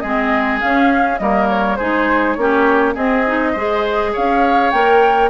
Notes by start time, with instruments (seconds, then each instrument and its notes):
0.00 bassoon G#3, clarinet C4, oboe G#4, flute D#5
0.61 clarinet C#4, bassoon C#4, flute F5
1.18 bassoon G3, clarinet A#3, oboe A#4, flute D#5
1.49 flute C#5
1.76 bassoon G#3, clarinet D#4, oboe G#4, flute C5
2.34 bassoon A#3, clarinet C#4, flute C#5
2.41 oboe G4
2.94 clarinet C4, bassoon C4, oboe G#4, flute D#5
3.27 clarinet D#4
3.52 bassoon G#3, clarinet G#4, oboe C5
4.13 bassoon C#4, oboe C#5, flute F5
4.71 bassoon A#3, clarinet A#4, flute G5